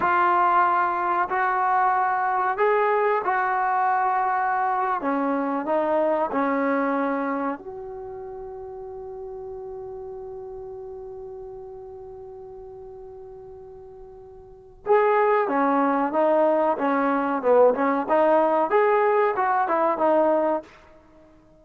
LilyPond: \new Staff \with { instrumentName = "trombone" } { \time 4/4 \tempo 4 = 93 f'2 fis'2 | gis'4 fis'2~ fis'8. cis'16~ | cis'8. dis'4 cis'2 fis'16~ | fis'1~ |
fis'1~ | fis'2. gis'4 | cis'4 dis'4 cis'4 b8 cis'8 | dis'4 gis'4 fis'8 e'8 dis'4 | }